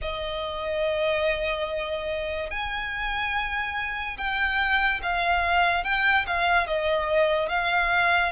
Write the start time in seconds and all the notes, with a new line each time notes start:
0.02 D#5
2.50 G#5
4.17 G5
5.02 F5
5.83 G5
6.27 F5
6.67 D#5
7.48 F5